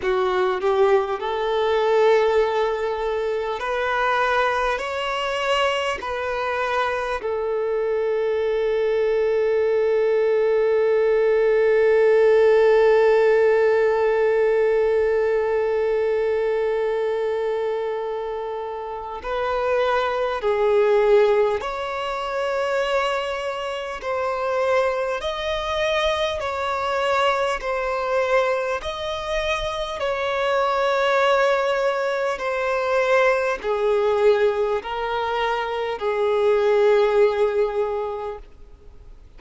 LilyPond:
\new Staff \with { instrumentName = "violin" } { \time 4/4 \tempo 4 = 50 fis'8 g'8 a'2 b'4 | cis''4 b'4 a'2~ | a'1~ | a'1 |
b'4 gis'4 cis''2 | c''4 dis''4 cis''4 c''4 | dis''4 cis''2 c''4 | gis'4 ais'4 gis'2 | }